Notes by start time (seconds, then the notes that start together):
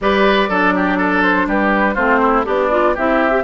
0.01 G3 G4 B4 D5
0.49 F#3 D4 A4
0.75 G4
0.97 A4
1.23 C5
1.47 G3 G4 B4
1.94 A3 C4 F4 C5
2.22 E4
2.45 B3 D4 G4 D5
2.70 F4
2.94 C4 E4 G4 E5
3.30 G4